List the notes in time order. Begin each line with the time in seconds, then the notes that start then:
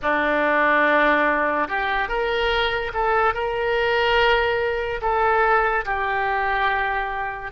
0.02 D4
1.68 G4
2.08 A#4
2.93 A4
3.34 A#4
5.01 A4
5.85 G4